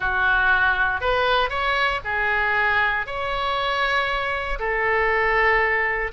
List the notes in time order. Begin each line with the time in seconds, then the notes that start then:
0.00 F#4
1.01 B4
1.49 C#5
2.04 G#4
3.06 C#5
4.59 A4